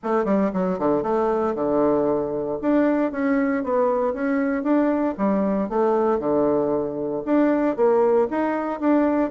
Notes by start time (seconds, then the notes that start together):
0.03 A3
0.24 G3
0.53 F#3
0.79 D3
1.03 A3
1.54 D3
2.61 D4
3.11 C#4
3.63 B3
4.13 C#4
4.63 D4
5.17 G3
5.69 A3
6.19 D3
7.25 D4
7.76 A#3
8.30 D#4
8.80 D4